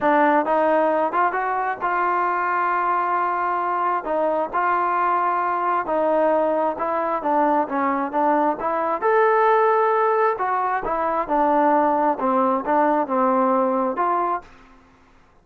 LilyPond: \new Staff \with { instrumentName = "trombone" } { \time 4/4 \tempo 4 = 133 d'4 dis'4. f'8 fis'4 | f'1~ | f'4 dis'4 f'2~ | f'4 dis'2 e'4 |
d'4 cis'4 d'4 e'4 | a'2. fis'4 | e'4 d'2 c'4 | d'4 c'2 f'4 | }